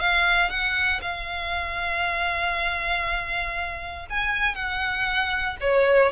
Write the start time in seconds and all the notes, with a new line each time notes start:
0.00 F5
0.50 F#5
1.02 F5
4.10 G#5
4.55 F#5
5.61 C#5